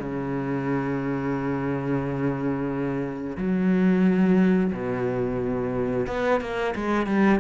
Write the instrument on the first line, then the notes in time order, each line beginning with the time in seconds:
cello
0.00 C#3
3.38 F#3
4.73 B2
6.07 B3
6.41 A#3
6.76 G#3
7.07 G3